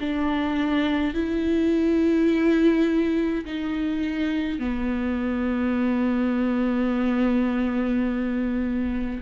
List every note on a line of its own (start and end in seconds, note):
0.00 1.14 D4
1.14 3.45 E4
3.46 4.59 D#4
4.59 9.21 B3